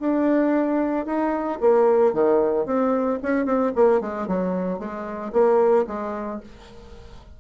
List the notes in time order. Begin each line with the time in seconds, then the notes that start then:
0.00 D4
1.06 D#4
1.61 A#3
2.14 D#3
2.66 C4
3.23 C#4
3.45 C4
3.75 A#3
4.01 G#3
4.27 F#3
4.79 G#3
5.32 A#3
5.87 G#3